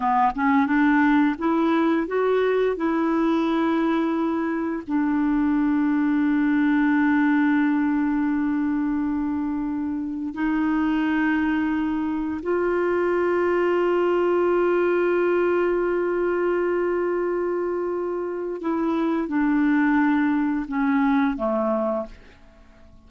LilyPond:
\new Staff \with { instrumentName = "clarinet" } { \time 4/4 \tempo 4 = 87 b8 cis'8 d'4 e'4 fis'4 | e'2. d'4~ | d'1~ | d'2. dis'4~ |
dis'2 f'2~ | f'1~ | f'2. e'4 | d'2 cis'4 a4 | }